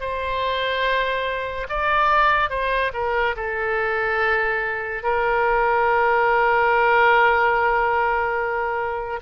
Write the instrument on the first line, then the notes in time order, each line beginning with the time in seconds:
oboe
0.00 C5
1.69 D5
2.50 C5
2.94 A#4
3.36 A4
5.03 A#4